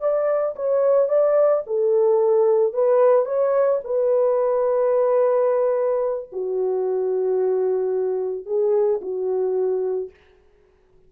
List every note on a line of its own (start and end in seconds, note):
0.00 0.55 D5
0.56 1.08 C#5
1.08 1.63 D5
1.67 2.73 A4
2.73 3.25 B4
3.25 3.80 C#5
3.84 6.29 B4
6.32 8.46 F#4
8.46 9.00 G#4
9.01 10.10 F#4